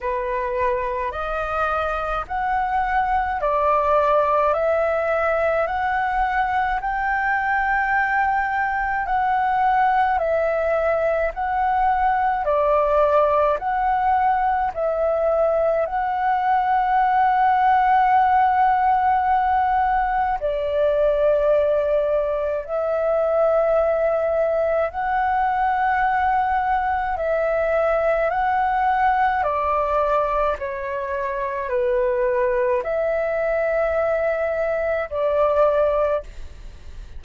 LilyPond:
\new Staff \with { instrumentName = "flute" } { \time 4/4 \tempo 4 = 53 b'4 dis''4 fis''4 d''4 | e''4 fis''4 g''2 | fis''4 e''4 fis''4 d''4 | fis''4 e''4 fis''2~ |
fis''2 d''2 | e''2 fis''2 | e''4 fis''4 d''4 cis''4 | b'4 e''2 d''4 | }